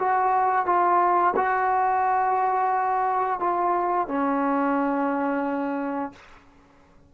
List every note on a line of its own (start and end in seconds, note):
0.00 0.66 F#4
0.66 1.35 F4
1.36 3.40 F#4
3.40 4.08 F4
4.08 6.13 C#4